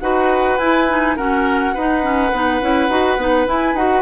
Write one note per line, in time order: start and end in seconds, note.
0.00 0.58 D#4
0.00 0.59 F#4
0.00 1.16 B4
0.00 0.58 F#5
0.58 1.16 E4
0.58 0.88 E4
0.58 1.15 G#5
0.88 1.17 D#4
1.16 1.75 C#4
1.16 1.76 F#4
1.16 1.74 A#4
1.16 3.48 F#5
1.74 2.32 D#4
1.74 2.02 D#4
1.74 4.02 B4
2.02 2.31 C#4
2.32 2.61 B3
2.32 2.61 D#4
2.61 2.88 C#4
2.61 2.89 E4
2.88 3.17 D#4
2.88 3.18 F#4
3.17 3.46 B3
3.17 3.46 D#4
3.46 3.75 E4
3.46 3.74 E4
3.46 3.76 G#5
3.74 4.02 D#4
3.74 4.02 F#4
3.74 4.02 F#5